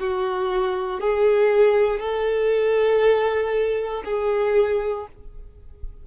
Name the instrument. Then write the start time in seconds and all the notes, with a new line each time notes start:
violin
0.00 F#4
1.00 G#4
1.99 A4
4.05 G#4